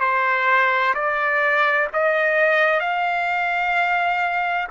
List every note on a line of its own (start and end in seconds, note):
0.00 0.94 C5
0.94 1.88 D5
1.93 2.80 D#5
2.80 4.67 F5